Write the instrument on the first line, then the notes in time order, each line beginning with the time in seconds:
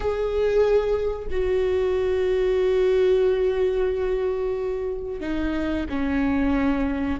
viola
0.00 G#4
1.30 F#4
5.20 D#4
5.89 C#4